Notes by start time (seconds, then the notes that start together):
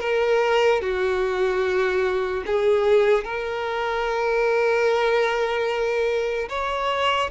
0.00 A#4
0.81 F#4
2.46 G#4
3.24 A#4
6.49 C#5